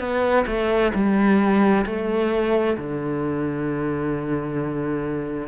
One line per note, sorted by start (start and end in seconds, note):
0.00 0.45 B3
0.47 0.92 A3
0.94 1.85 G3
1.86 2.77 A3
2.78 5.48 D3